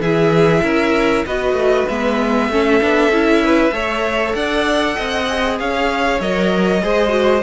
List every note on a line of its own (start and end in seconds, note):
0.00 0.62 E3
0.00 1.27 E4
0.00 0.63 G#4
0.00 1.25 E5
0.63 1.25 C#4
0.63 1.25 A#4
1.27 1.53 B3
1.27 1.90 F#4
1.27 2.52 B4
1.27 1.88 D#5
1.53 1.84 A3
1.88 2.49 G#3
1.88 2.52 B3
1.88 4.35 E5
2.49 2.80 A3
2.49 2.80 C#4
2.49 3.44 A4
2.80 3.09 B3
2.80 3.11 D4
3.09 3.71 C#4
3.09 3.73 E4
3.44 3.74 B4
3.72 4.34 A3
3.72 5.27 A4
3.72 4.36 C#5
4.35 4.97 D4
4.35 4.96 D5
4.35 5.59 F#5
4.96 5.61 C4
4.96 5.58 D#5
5.29 6.22 G#4
5.60 6.21 C#4
5.60 6.84 C#5
5.60 6.21 F5
6.21 6.83 F#3
6.21 6.82 A#4
6.21 7.43 D#5
6.82 7.43 G#3
6.82 7.10 G#4
6.82 7.43 C5
7.10 7.40 F#4